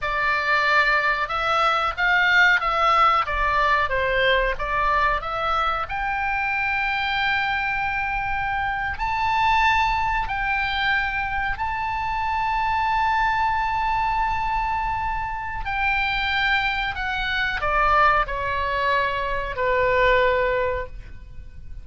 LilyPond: \new Staff \with { instrumentName = "oboe" } { \time 4/4 \tempo 4 = 92 d''2 e''4 f''4 | e''4 d''4 c''4 d''4 | e''4 g''2.~ | g''4.~ g''16 a''2 g''16~ |
g''4.~ g''16 a''2~ a''16~ | a''1 | g''2 fis''4 d''4 | cis''2 b'2 | }